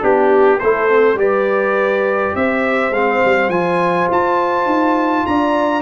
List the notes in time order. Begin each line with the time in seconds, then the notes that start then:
0.00 B3 D4 G4
0.59 A3 E4 A4 C5
0.89 C4
1.14 G3 G4 B4 D5
2.35 C4 C5 E5
2.90 G#3 C4 F5
3.24 G3
3.48 F3 F4 G#5
4.10 F4 A5
4.65 D#4
5.26 D4 D5 A#5